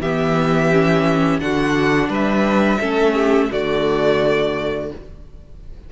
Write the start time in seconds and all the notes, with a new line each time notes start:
0.00 E3 B3 G4 E5
0.72 C#4
1.40 D3 D4 F#4 F#5
2.08 G3 B4 E5
2.80 A3 C#4 A4
3.13 G4
3.51 D3 A3 F#4 D5